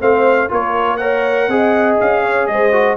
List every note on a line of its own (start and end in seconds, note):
0.00 0.50 A3
0.00 0.49 C4
0.00 0.50 C5
0.00 0.51 F5
0.49 1.48 A#3
0.49 0.98 F4
0.49 0.99 A#4
0.49 0.96 C#5
0.96 1.50 A#4
0.96 1.48 C#5
0.96 1.96 F#5
1.48 1.98 C4
1.48 2.72 G#4
1.48 2.23 D#5
2.00 2.48 C#4
2.00 2.47 F5
2.23 2.48 C#5
2.47 2.96 G#3
2.47 2.96 C5
2.47 2.96 D#5
2.72 2.96 F#4